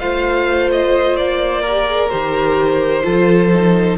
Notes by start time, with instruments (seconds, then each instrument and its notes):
0.00 cello A3, viola F4, violin C5 F5
0.72 violin D#5
1.17 cello A#3, violin D5
1.62 viola G4, violin A#4
1.87 viola G#4
2.10 cello D#3, viola G4, violin C5
3.04 cello F3, viola F4, violin A4
3.54 viola D#4